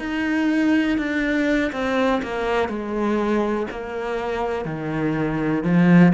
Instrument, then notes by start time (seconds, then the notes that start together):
cello
0.00 D#4
0.98 D4
1.73 C4
2.23 A#3
2.69 G#3
3.71 A#3
4.65 D#3
5.64 F3